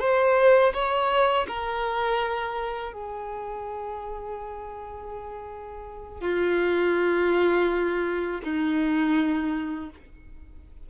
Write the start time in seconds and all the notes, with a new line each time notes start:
0.00 C5
0.73 C#5
1.48 A#4
2.93 G#4
6.21 F4
8.43 D#4